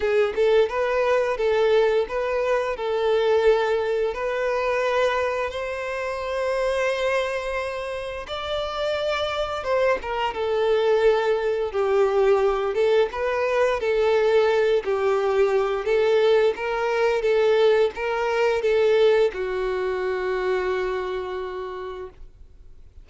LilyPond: \new Staff \with { instrumentName = "violin" } { \time 4/4 \tempo 4 = 87 gis'8 a'8 b'4 a'4 b'4 | a'2 b'2 | c''1 | d''2 c''8 ais'8 a'4~ |
a'4 g'4. a'8 b'4 | a'4. g'4. a'4 | ais'4 a'4 ais'4 a'4 | fis'1 | }